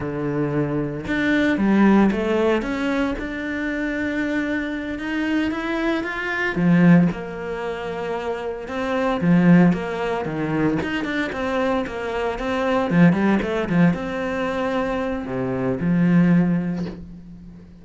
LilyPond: \new Staff \with { instrumentName = "cello" } { \time 4/4 \tempo 4 = 114 d2 d'4 g4 | a4 cis'4 d'2~ | d'4. dis'4 e'4 f'8~ | f'8 f4 ais2~ ais8~ |
ais8 c'4 f4 ais4 dis8~ | dis8 dis'8 d'8 c'4 ais4 c'8~ | c'8 f8 g8 a8 f8 c'4.~ | c'4 c4 f2 | }